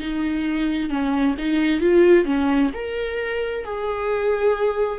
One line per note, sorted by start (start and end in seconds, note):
0.00 0.90 D#4
0.90 1.36 C#4
1.38 1.81 D#4
1.81 2.25 F4
2.25 2.71 C#4
2.74 3.65 A#4
3.65 4.99 G#4